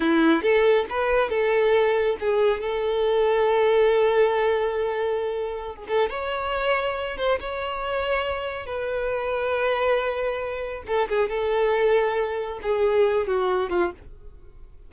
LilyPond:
\new Staff \with { instrumentName = "violin" } { \time 4/4 \tempo 4 = 138 e'4 a'4 b'4 a'4~ | a'4 gis'4 a'2~ | a'1~ | a'4~ a'16 gis'16 a'8 cis''2~ |
cis''8 c''8 cis''2. | b'1~ | b'4 a'8 gis'8 a'2~ | a'4 gis'4. fis'4 f'8 | }